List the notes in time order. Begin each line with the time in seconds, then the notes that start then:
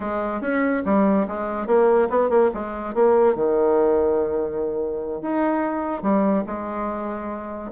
0.00 G#3
0.41 C#4
0.85 G3
1.27 G#3
1.66 A#3
2.09 B3
2.29 A#3
2.54 G#3
2.94 A#3
3.35 D#3
5.21 D#4
6.02 G3
6.46 G#3